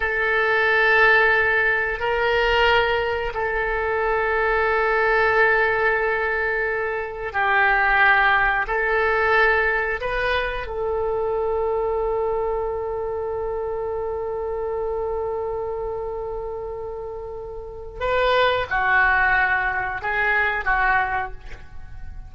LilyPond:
\new Staff \with { instrumentName = "oboe" } { \time 4/4 \tempo 4 = 90 a'2. ais'4~ | ais'4 a'2.~ | a'2. g'4~ | g'4 a'2 b'4 |
a'1~ | a'1~ | a'2. b'4 | fis'2 gis'4 fis'4 | }